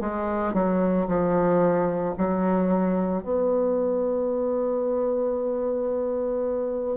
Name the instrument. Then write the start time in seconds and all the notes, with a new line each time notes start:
bassoon
0.00 G#3
0.54 F#3
1.08 F3
2.17 F#3
3.23 B3